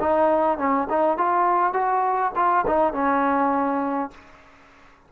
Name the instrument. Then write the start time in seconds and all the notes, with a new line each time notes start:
trombone
0.00 D#4
0.58 C#4
0.90 D#4
1.17 F4
1.73 F#4
2.36 F4
2.67 D#4
2.93 C#4